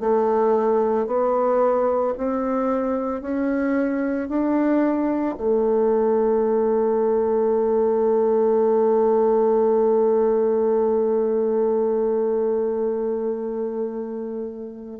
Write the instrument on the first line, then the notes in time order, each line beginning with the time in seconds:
bassoon
0.00 A3
1.07 B3
2.18 C4
3.21 C#4
4.29 D4
5.38 A3